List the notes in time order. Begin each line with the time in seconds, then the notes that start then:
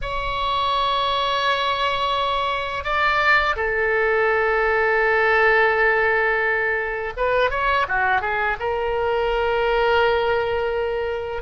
0.01 C#5
2.84 D5
3.56 A4
7.17 B4
7.50 C#5
7.88 F#4
8.21 G#4
8.59 A#4